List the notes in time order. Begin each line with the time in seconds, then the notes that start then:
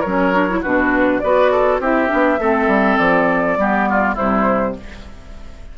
0.00 F#3 A#4 C#5
0.07 C#4
0.34 D4
0.50 E4
0.62 B2 D4 F#4 B4
1.20 B3 F#4 B4 D5
1.52 A4
1.80 C4 E4 G4 E5
2.08 B3 D4
2.39 A3 C4 A4
2.68 G3
2.98 F3 D5
3.57 G3 B3 G4
3.90 F4
4.15 C3 G3 E4 C5